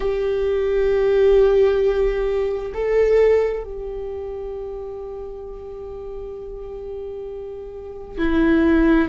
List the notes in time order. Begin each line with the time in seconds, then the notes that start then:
0.00 G4
2.74 A4
3.63 G4
8.18 E4